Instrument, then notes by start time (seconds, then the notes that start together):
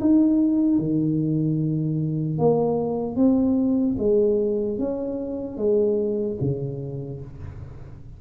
tuba
0.00 D#4
0.78 D#3
2.38 A#3
3.16 C4
3.98 G#3
4.78 C#4
5.57 G#3
6.40 C#3